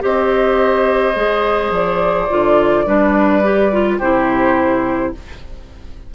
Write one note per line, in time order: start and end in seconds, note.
0.00 1.15 C4
0.00 1.13 G4
0.00 2.86 C5
0.00 1.72 D#5
1.15 1.70 G#3
1.15 2.28 G#4
1.70 2.27 F3
1.70 3.99 D5
2.29 2.86 D3
2.29 2.86 F4
2.86 3.99 G3
2.86 3.42 D4
2.86 3.98 B4
3.43 3.71 G4
3.72 4.00 F4
3.98 5.12 C3
3.98 5.14 E4
3.98 5.11 G4
3.98 5.12 C5